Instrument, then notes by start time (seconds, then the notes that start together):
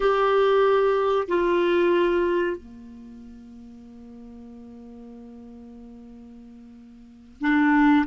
clarinet
0.00 G4
1.28 F4
2.57 A#3
7.40 D4